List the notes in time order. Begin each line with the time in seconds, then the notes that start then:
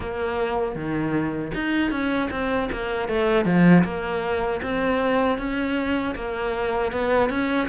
0.00 A#3
0.75 D#3
1.54 D#4
1.91 C#4
2.30 C4
2.72 A#3
3.08 A3
3.45 F3
3.84 A#3
4.62 C4
5.37 C#4
6.15 A#3
6.92 B3
7.29 C#4